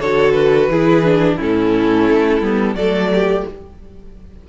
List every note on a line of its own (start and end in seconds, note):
0.00 0.68 D3
0.00 0.71 F#4
0.00 0.69 A4
0.00 0.32 C#5
0.32 1.35 B4
0.68 1.36 E3
0.68 1.04 E4
0.68 1.36 G#4
1.04 1.38 D4
1.36 2.10 A2
1.36 2.42 C#4
1.36 2.74 E4
1.36 2.75 A4
2.10 2.41 A3
2.41 2.74 G3
2.41 2.77 B3
2.74 3.43 F#3
2.74 3.49 A3
2.74 3.11 A4
2.74 3.44 D5
3.13 3.48 G4